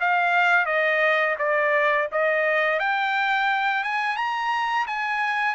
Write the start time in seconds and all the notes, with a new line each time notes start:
0.00 F5
0.66 D#5
1.38 D5
2.12 D#5
2.79 G5
3.83 G#5
4.16 A#5
4.87 G#5